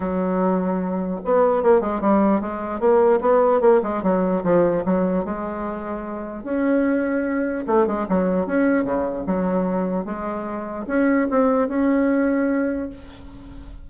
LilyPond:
\new Staff \with { instrumentName = "bassoon" } { \time 4/4 \tempo 4 = 149 fis2. b4 | ais8 gis8 g4 gis4 ais4 | b4 ais8 gis8 fis4 f4 | fis4 gis2. |
cis'2. a8 gis8 | fis4 cis'4 cis4 fis4~ | fis4 gis2 cis'4 | c'4 cis'2. | }